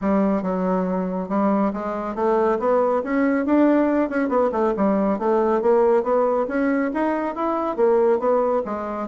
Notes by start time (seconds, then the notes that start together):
0.01 G3
0.42 F#3
1.29 G3
1.73 G#3
2.15 A3
2.59 B3
3.03 C#4
3.45 D4
4.09 C#4
4.29 B3
4.52 A3
4.77 G3
5.18 A3
5.61 A#3
6.03 B3
6.48 C#4
6.93 D#4
7.35 E4
7.76 A#3
8.19 B3
8.65 G#3